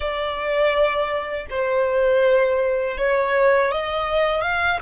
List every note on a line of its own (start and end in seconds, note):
0.00 1.46 D5
1.49 2.97 C5
2.97 3.71 C#5
3.71 4.41 D#5
4.41 4.78 F5